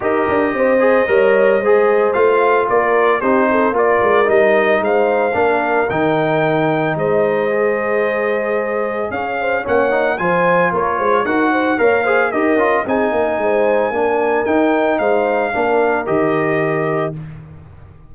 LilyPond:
<<
  \new Staff \with { instrumentName = "trumpet" } { \time 4/4 \tempo 4 = 112 dis''1 | f''4 d''4 c''4 d''4 | dis''4 f''2 g''4~ | g''4 dis''2.~ |
dis''4 f''4 fis''4 gis''4 | cis''4 fis''4 f''4 dis''4 | gis''2. g''4 | f''2 dis''2 | }
  \new Staff \with { instrumentName = "horn" } { \time 4/4 ais'4 c''4 cis''4 c''4~ | c''4 ais'4 g'8 a'8 ais'4~ | ais'4 c''4 ais'2~ | ais'4 c''2.~ |
c''4 cis''8 c''8 cis''4 c''4 | ais'8 c''8 ais'8 c''8 cis''8 c''8 ais'4 | gis'8 ais'8 c''4 ais'2 | c''4 ais'2. | }
  \new Staff \with { instrumentName = "trombone" } { \time 4/4 g'4. gis'8 ais'4 gis'4 | f'2 dis'4 f'4 | dis'2 d'4 dis'4~ | dis'2 gis'2~ |
gis'2 cis'8 dis'8 f'4~ | f'4 fis'4 ais'8 gis'8 g'8 f'8 | dis'2 d'4 dis'4~ | dis'4 d'4 g'2 | }
  \new Staff \with { instrumentName = "tuba" } { \time 4/4 dis'8 d'8 c'4 g4 gis4 | a4 ais4 c'4 ais8 gis8 | g4 gis4 ais4 dis4~ | dis4 gis2.~ |
gis4 cis'4 ais4 f4 | ais8 gis8 dis'4 ais4 dis'8 cis'8 | c'8 ais8 gis4 ais4 dis'4 | gis4 ais4 dis2 | }
>>